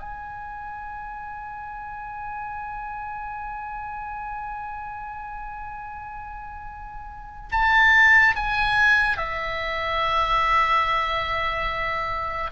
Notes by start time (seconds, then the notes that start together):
0.00 G#5
7.52 A5
8.35 G#5
9.17 E5